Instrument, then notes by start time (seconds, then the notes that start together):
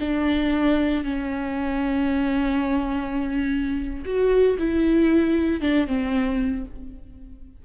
viola
0.00 D4
1.04 C#4
4.06 F#4
4.59 E4
5.61 D4
5.87 C4